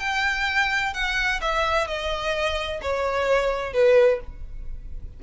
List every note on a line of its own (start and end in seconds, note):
0.00 0.94 G5
0.94 1.41 F#5
1.41 1.87 E5
1.87 2.81 D#5
2.82 3.73 C#5
3.73 4.20 B4